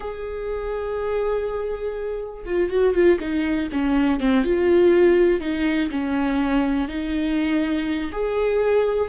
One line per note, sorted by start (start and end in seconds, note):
0.00 2.44 G#4
2.45 2.70 F4
2.70 2.94 F#4
2.94 3.19 F4
3.20 3.69 D#4
3.72 4.20 C#4
4.20 4.44 C4
4.44 5.40 F4
5.40 5.89 D#4
5.90 6.88 C#4
6.88 8.11 D#4
8.12 9.09 G#4